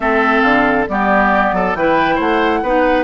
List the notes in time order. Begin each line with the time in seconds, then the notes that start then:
0.00 A3 C4 A4 E5
0.41 D3 F5
0.88 G3 B3 G4 D5
1.52 F#3 A4
1.74 E3 E4 B4 G5
2.15 A3 C5 F#5
2.62 B3 D#4 B4